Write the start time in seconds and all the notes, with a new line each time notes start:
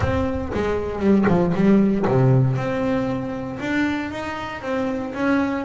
0.00 C4
0.54 G#3
0.99 G3
1.28 F3
1.54 G3
2.07 C3
2.56 C4
3.60 D4
4.11 D#4
4.61 C4
5.14 C#4